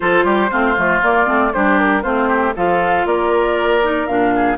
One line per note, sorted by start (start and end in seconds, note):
0.00 0.24 F3
0.00 0.50 F4
0.00 0.24 A4
0.00 1.01 C5
0.24 0.49 G3
0.24 0.50 G4
0.50 0.77 A3
0.50 0.76 C4
0.50 1.52 F4
0.76 1.02 F3
0.76 1.01 A3
1.02 1.27 A#3
1.02 1.25 A#3
1.02 1.53 D5
1.25 1.53 A3
1.25 1.51 C4
1.53 2.04 G3
1.53 2.02 D4
1.53 2.02 G4
1.53 1.78 C5
1.78 2.02 A#4
2.02 2.55 A3
2.02 2.53 C4
2.02 2.28 F4
2.02 2.53 C5
2.28 2.53 G4
2.55 3.05 F3
2.55 3.82 F4
2.55 3.06 A4
2.55 3.06 F5
3.05 4.07 A#3
3.05 4.34 A#4
3.05 4.06 D5
3.82 4.07 D#4
4.06 4.57 A#2
4.06 4.57 D4
4.06 4.57 F5
4.35 4.57 G#4